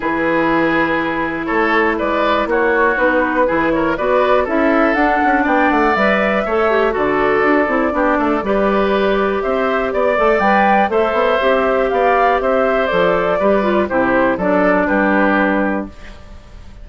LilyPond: <<
  \new Staff \with { instrumentName = "flute" } { \time 4/4 \tempo 4 = 121 b'2. cis''4 | d''4 cis''4 b'4. cis''8 | d''4 e''4 fis''4 g''8 fis''8 | e''2 d''2~ |
d''2. e''4 | d''4 g''4 e''2 | f''4 e''4 d''2 | c''4 d''4 b'2 | }
  \new Staff \with { instrumentName = "oboe" } { \time 4/4 gis'2. a'4 | b'4 fis'2 gis'8 ais'8 | b'4 a'2 d''4~ | d''4 cis''4 a'2 |
g'8 a'8 b'2 c''4 | d''2 c''2 | d''4 c''2 b'4 | g'4 a'4 g'2 | }
  \new Staff \with { instrumentName = "clarinet" } { \time 4/4 e'1~ | e'2 dis'4 e'4 | fis'4 e'4 d'2 | b'4 a'8 g'8 fis'4. e'8 |
d'4 g'2.~ | g'8 a'8 b'4 a'4 g'4~ | g'2 a'4 g'8 f'8 | e'4 d'2. | }
  \new Staff \with { instrumentName = "bassoon" } { \time 4/4 e2. a4 | gis4 ais4 b4 e4 | b4 cis'4 d'8 cis'8 b8 a8 | g4 a4 d4 d'8 c'8 |
b8 a8 g2 c'4 | b8 a8 g4 a8 b8 c'4 | b4 c'4 f4 g4 | c4 fis4 g2 | }
>>